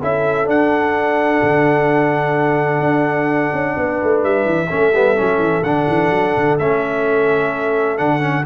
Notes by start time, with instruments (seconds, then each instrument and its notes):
0.00 tuba C#4, trombone E4, horn A4, trumpet E5
0.45 trombone D4, tuba D4, trumpet F#5
1.42 tuba D3
2.79 tuba D4
3.53 tuba C#4
3.76 tuba B3, horn B4
4.03 tuba A3
4.23 tuba G3, trumpet E5
4.45 tuba E3
4.69 tuba A3, trombone C#4, horn A4
4.93 tuba G3, trombone B3
5.16 tuba F#3, trombone C#4
5.38 tuba E3
5.62 tuba D3, trombone D4, trumpet F#5
5.88 tuba E3
6.10 tuba F#3
6.37 tuba D3
6.58 tuba A3, trombone C#4, trumpet E5
7.97 tuba D3, trombone D4, trumpet F#5
8.20 trombone C#4